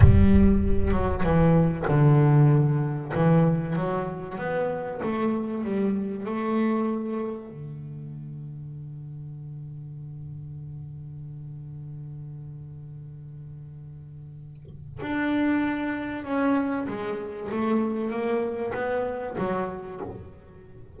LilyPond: \new Staff \with { instrumentName = "double bass" } { \time 4/4 \tempo 4 = 96 g4. fis8 e4 d4~ | d4 e4 fis4 b4 | a4 g4 a2 | d1~ |
d1~ | d1 | d'2 cis'4 gis4 | a4 ais4 b4 fis4 | }